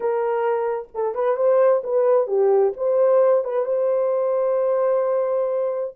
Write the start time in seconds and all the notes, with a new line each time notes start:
0.00 A#4
0.94 A4
1.15 B4
1.36 C5
1.83 B4
2.27 G4
2.76 C5
3.44 B4
3.65 C5